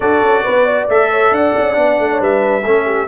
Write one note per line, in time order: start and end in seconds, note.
0.00 0.22 D4
0.00 0.89 F#4
0.00 0.43 A4
0.00 0.88 D5
0.22 0.44 C#4
0.43 0.88 B3
0.43 0.65 B4
0.65 1.09 D5
0.88 1.31 A3
0.88 1.73 A4
0.88 1.33 E5
1.11 1.33 C#5
1.31 1.53 D4
1.31 2.11 D5
1.31 2.22 F#5
1.56 1.77 C#4
1.73 1.99 B3
1.73 2.62 D4
1.99 2.20 A3
2.11 2.20 C#5
2.20 2.63 G3
2.20 2.64 B4
2.20 3.07 E5
2.63 3.07 A3
2.63 3.07 C#4
2.63 2.85 A4
2.85 3.07 G4